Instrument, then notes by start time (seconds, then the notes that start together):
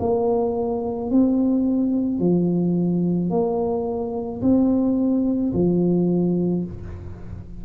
tuba
0.00 A#3
1.11 C4
2.20 F3
3.30 A#3
4.42 C4
5.54 F3